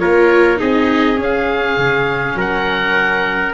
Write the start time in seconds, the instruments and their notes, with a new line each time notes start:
0.00 tuba A#3, viola F4, trumpet A#4, oboe C#5
0.57 tuba C4, viola D#4, trumpet G#4, oboe D#5
1.16 viola C#4, tuba C#4
1.23 oboe F5
1.78 tuba C#3
2.35 tuba F#3, trumpet A#4, oboe F#5